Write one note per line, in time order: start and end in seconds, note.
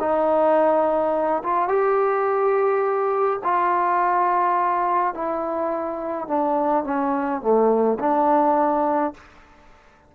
0.00 1.43 D#4
1.44 1.68 F4
1.68 3.40 G4
3.44 5.14 F4
5.14 6.28 E4
6.28 6.84 D4
6.84 7.41 C#4
7.41 7.98 A3
7.99 9.14 D4